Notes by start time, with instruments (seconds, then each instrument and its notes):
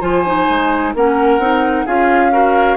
0.00 bassoon F3, clarinet F4, oboe C5, flute G#5
0.25 clarinet D#4
0.48 bassoon G#3
0.94 bassoon A#3, clarinet C#4, oboe A#4, flute F#5
1.38 bassoon C4, clarinet D#4
1.85 bassoon C#4, clarinet F4, oboe G#4, flute F5
2.31 clarinet F#4, oboe A#4